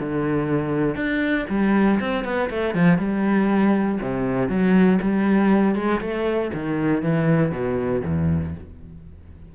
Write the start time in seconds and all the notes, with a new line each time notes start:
0.00 D3
0.96 D4
1.50 G3
2.00 C4
2.25 B3
2.50 A3
2.75 F3
2.98 G3
4.01 C3
4.49 F#3
5.02 G3
5.75 G#3
6.01 A3
6.54 D#3
7.03 E3
7.52 B2
8.05 E2